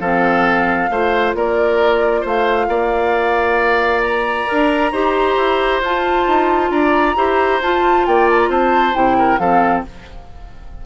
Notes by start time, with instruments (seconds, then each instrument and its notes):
0.00 bassoon F3, clarinet C4, oboe A4, flute F5
0.89 bassoon A3, clarinet F4, oboe C5
1.34 bassoon A#3, oboe A#4, flute D5
2.21 bassoon A3, oboe C5
2.27 flute F5
2.68 bassoon A#3, oboe D5
4.01 flute A#5
4.47 bassoon D4, clarinet A#4
4.92 bassoon D#4, clarinet G4, oboe C5
5.37 bassoon E4
5.81 bassoon F4, clarinet F4, flute A5
6.27 bassoon D#4
6.70 bassoon D4, oboe D5, flute A#5
7.15 bassoon E4, clarinet G4, oboe C5
7.61 bassoon F4, clarinet F4, flute A5
8.06 bassoon A#3, oboe D5, flute G5
8.30 flute A5
8.39 flute A#5
8.49 bassoon C4, oboe C5, flute A5
8.93 bassoon C3, clarinet E4, flute G5
9.18 oboe A#4
9.39 bassoon F3, clarinet C4, oboe A4, flute F5